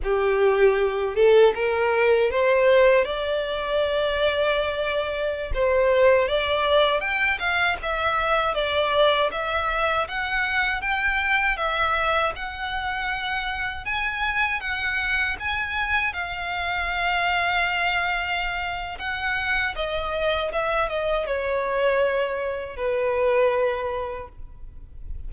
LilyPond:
\new Staff \with { instrumentName = "violin" } { \time 4/4 \tempo 4 = 79 g'4. a'8 ais'4 c''4 | d''2.~ d''16 c''8.~ | c''16 d''4 g''8 f''8 e''4 d''8.~ | d''16 e''4 fis''4 g''4 e''8.~ |
e''16 fis''2 gis''4 fis''8.~ | fis''16 gis''4 f''2~ f''8.~ | f''4 fis''4 dis''4 e''8 dis''8 | cis''2 b'2 | }